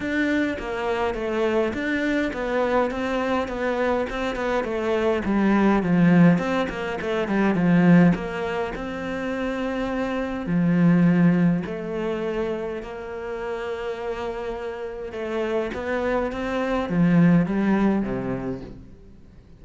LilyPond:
\new Staff \with { instrumentName = "cello" } { \time 4/4 \tempo 4 = 103 d'4 ais4 a4 d'4 | b4 c'4 b4 c'8 b8 | a4 g4 f4 c'8 ais8 | a8 g8 f4 ais4 c'4~ |
c'2 f2 | a2 ais2~ | ais2 a4 b4 | c'4 f4 g4 c4 | }